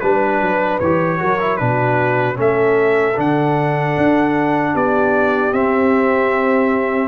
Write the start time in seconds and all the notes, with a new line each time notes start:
0.00 G3 D4 B4
0.41 F#3
0.79 E3 G4 C#5
1.19 F#3 F#4 A#4
1.41 E4
1.57 B2 D4 F#4 B4
2.35 A3 C#4 A4
2.41 E5
3.16 D3 D4 F#5
3.97 D4
4.73 B3 G4 D5
5.52 C4 E5